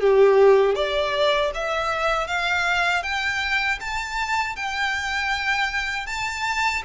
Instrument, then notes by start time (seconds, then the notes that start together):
violin
0.00 G4
0.75 D5
1.54 E5
2.27 F5
3.02 G5
3.80 A5
4.56 G5
6.06 A5